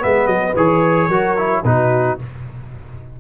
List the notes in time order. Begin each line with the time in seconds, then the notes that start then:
0.00 G#3 B3 B4 E5
0.27 F#3 D#5
0.56 E3 G#4 C#5
1.08 F#3 F#4 A#4
1.38 E4
1.64 B2 D#4 F#4 B4